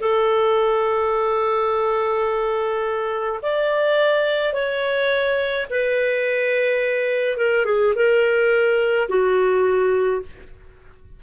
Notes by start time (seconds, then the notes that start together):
0.00 A4
3.42 D5
4.53 C#5
5.70 B4
7.37 A#4
7.65 G#4
7.95 A#4
9.09 F#4